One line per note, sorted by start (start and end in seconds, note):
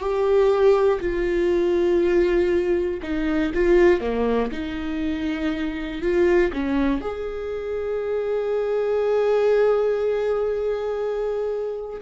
0.00 1.00 G4
1.00 3.00 F4
3.03 3.53 D#4
3.55 4.01 F4
4.01 4.51 A#3
4.52 6.02 D#4
6.02 6.52 F4
6.54 7.02 C#4
7.02 12.02 G#4